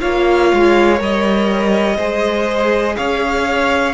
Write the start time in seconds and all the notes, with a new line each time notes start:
0.00 A#3 F4 C#5 F5
0.53 G#3
0.97 G3 A#4 D#5
1.96 G#3 G#4 C5
2.96 C#4 C#5 F5